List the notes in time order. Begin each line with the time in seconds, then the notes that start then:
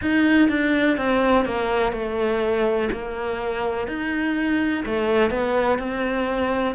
0.01 D#4
0.48 D4
0.97 C4
1.45 A#3
1.92 A3
2.92 A#3
3.87 D#4
4.85 A3
5.30 B3
5.78 C4